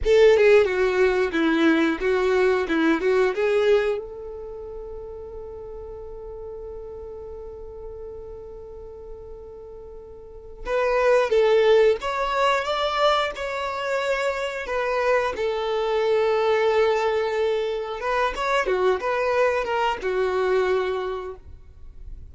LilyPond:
\new Staff \with { instrumentName = "violin" } { \time 4/4 \tempo 4 = 90 a'8 gis'8 fis'4 e'4 fis'4 | e'8 fis'8 gis'4 a'2~ | a'1~ | a'1 |
b'4 a'4 cis''4 d''4 | cis''2 b'4 a'4~ | a'2. b'8 cis''8 | fis'8 b'4 ais'8 fis'2 | }